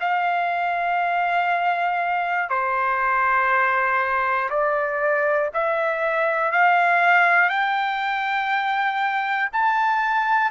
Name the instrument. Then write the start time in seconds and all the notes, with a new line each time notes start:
trumpet
0.00 F5
2.49 C5
4.50 D5
5.54 E5
6.52 F5
7.50 G5
9.53 A5